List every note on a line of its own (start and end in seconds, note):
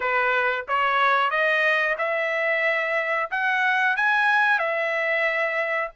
0.00 0.65 B4
0.67 1.30 C#5
1.30 1.96 D#5
1.98 3.30 E5
3.31 3.96 F#5
3.96 4.59 G#5
4.59 5.90 E5